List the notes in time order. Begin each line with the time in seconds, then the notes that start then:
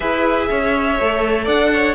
0.00 E4 G#4 B4 E5
0.50 C#4 C#5
0.99 A3 A4
1.44 D4 D5 F#5
1.73 C#5